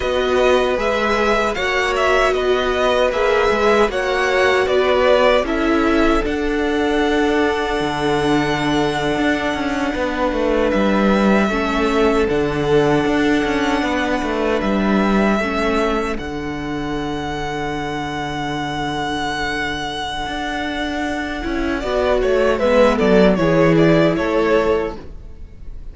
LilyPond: <<
  \new Staff \with { instrumentName = "violin" } { \time 4/4 \tempo 4 = 77 dis''4 e''4 fis''8 e''8 dis''4 | e''4 fis''4 d''4 e''4 | fis''1~ | fis''4.~ fis''16 e''2 fis''16~ |
fis''2~ fis''8. e''4~ e''16~ | e''8. fis''2.~ fis''16~ | fis''1~ | fis''4 e''8 d''8 cis''8 d''8 cis''4 | }
  \new Staff \with { instrumentName = "violin" } { \time 4/4 b'2 cis''4 b'4~ | b'4 cis''4 b'4 a'4~ | a'1~ | a'8. b'2 a'4~ a'16~ |
a'4.~ a'16 b'2 a'16~ | a'1~ | a'1 | d''8 cis''8 b'8 a'8 gis'4 a'4 | }
  \new Staff \with { instrumentName = "viola" } { \time 4/4 fis'4 gis'4 fis'2 | gis'4 fis'2 e'4 | d'1~ | d'2~ d'8. cis'4 d'16~ |
d'2.~ d'8. cis'16~ | cis'8. d'2.~ d'16~ | d'2.~ d'8 e'8 | fis'4 b4 e'2 | }
  \new Staff \with { instrumentName = "cello" } { \time 4/4 b4 gis4 ais4 b4 | ais8 gis8 ais4 b4 cis'4 | d'2 d4.~ d16 d'16~ | d'16 cis'8 b8 a8 g4 a4 d16~ |
d8. d'8 cis'8 b8 a8 g4 a16~ | a8. d2.~ d16~ | d2 d'4. cis'8 | b8 a8 gis8 fis8 e4 a4 | }
>>